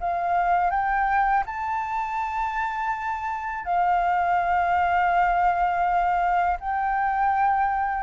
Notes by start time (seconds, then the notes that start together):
0.00 F5
0.70 G5
1.46 A5
3.64 F5
6.60 G5